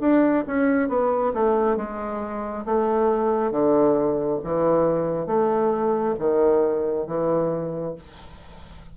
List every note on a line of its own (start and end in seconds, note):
0.00 0.44 D4
0.47 0.89 C#4
0.89 1.33 B3
1.34 1.77 A3
1.77 2.65 G#3
2.66 3.51 A3
3.51 4.40 D3
4.44 5.27 E3
5.27 6.15 A3
6.19 7.07 D#3
7.07 7.95 E3